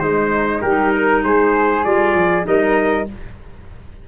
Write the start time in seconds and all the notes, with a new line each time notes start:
0.00 G#3 D#4 C5
0.62 G3 D#4 G4 A#4
0.94 A#4
1.24 G#3 G#4 C5
1.84 G3 F4 D5
2.15 F3
2.43 G3 D#4 A#4 D#5